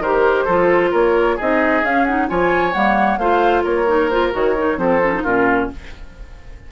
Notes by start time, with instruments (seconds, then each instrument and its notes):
0.00 bassoon D#3, clarinet G4, oboe A#4, flute C5
0.45 bassoon F3, clarinet F4, oboe A4
0.91 bassoon A#3, oboe A#4, flute C#5
1.36 bassoon C4, clarinet D#4, oboe G#4, flute D#5
1.83 bassoon C#4, clarinet C#4, flute F5
2.06 clarinet D#4, flute F#5
2.29 bassoon F3, clarinet F4, oboe C#5, flute G#5
2.73 bassoon G3, clarinet A#3, flute F#5
3.18 bassoon A3, clarinet F4, oboe C5, flute F5
3.64 bassoon A#3, oboe A#4, flute C#5
3.87 clarinet D#4
4.10 clarinet F4, flute C5
4.32 bassoon D#3, clarinet F#4, flute C#5
4.58 clarinet D#4
4.78 bassoon F3, clarinet C4, oboe A4, flute C5
5.04 clarinet C#4
5.15 clarinet D#4
5.23 bassoon A#2, clarinet C#4, oboe F4, flute A#4